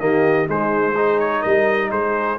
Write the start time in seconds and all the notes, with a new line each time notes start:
0.00 D#3 A#3 G4 D#5
0.48 G#3 D#4 C5
0.94 D#4 G#4
1.20 C#5
1.41 G3 A#4 D#5
1.92 G#3 G#4 C5